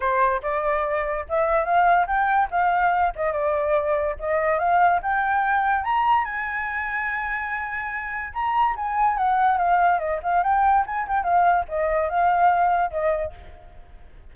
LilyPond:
\new Staff \with { instrumentName = "flute" } { \time 4/4 \tempo 4 = 144 c''4 d''2 e''4 | f''4 g''4 f''4. dis''8 | d''2 dis''4 f''4 | g''2 ais''4 gis''4~ |
gis''1 | ais''4 gis''4 fis''4 f''4 | dis''8 f''8 g''4 gis''8 g''8 f''4 | dis''4 f''2 dis''4 | }